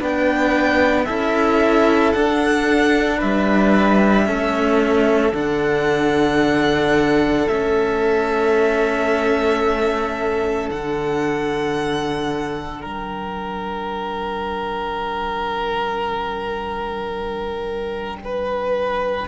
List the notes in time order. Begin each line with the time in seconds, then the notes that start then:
0.00 B3 D4 B4 G5
1.06 C#4 E4 A4 E5
2.13 D4 F#5
3.18 G3 B4 E5
4.26 A3 C#4 A4
5.33 D3 D4 F#5
7.48 A3 C#4 E5
10.70 D3 D4 F#5
12.82 G3 A#4 G5
18.25 B4